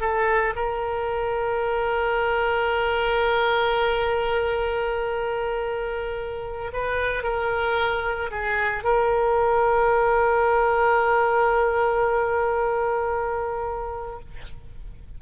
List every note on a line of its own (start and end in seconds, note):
0.00 0.54 A4
0.55 6.71 A#4
6.73 7.23 B4
7.23 8.30 A#4
8.30 8.83 G#4
8.83 14.19 A#4